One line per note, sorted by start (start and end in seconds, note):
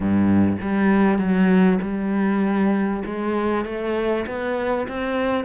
0.00 0.56 G2
0.61 1.18 G3
1.18 1.79 F#3
1.82 3.03 G3
3.05 3.65 G#3
3.65 4.25 A3
4.26 4.87 B3
4.88 5.44 C4